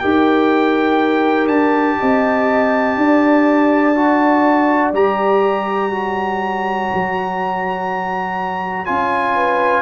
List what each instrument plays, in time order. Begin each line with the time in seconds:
0.00 tuba D#4, trombone G4, horn A#4, trumpet G5
1.47 tuba D4, trumpet A5
2.00 tuba C4, horn D#5
2.97 tuba D4, horn D5
3.96 trombone F#4
4.93 tuba G3, trombone G4, trumpet A#5
5.92 trombone F#4, horn C#5
6.94 tuba F#3
8.86 tuba C#4, trombone F4, trumpet G#5
9.36 horn B4